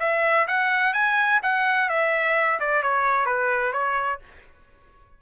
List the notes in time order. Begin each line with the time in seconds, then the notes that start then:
0.00 E5
0.48 F#5
0.94 G#5
1.43 F#5
1.89 E5
2.60 D5
2.83 C#5
3.26 B4
3.73 C#5